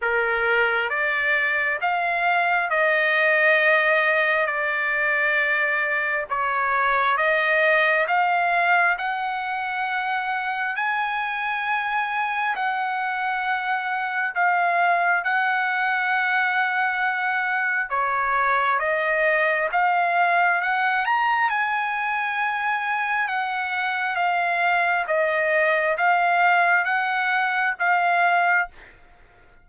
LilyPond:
\new Staff \with { instrumentName = "trumpet" } { \time 4/4 \tempo 4 = 67 ais'4 d''4 f''4 dis''4~ | dis''4 d''2 cis''4 | dis''4 f''4 fis''2 | gis''2 fis''2 |
f''4 fis''2. | cis''4 dis''4 f''4 fis''8 ais''8 | gis''2 fis''4 f''4 | dis''4 f''4 fis''4 f''4 | }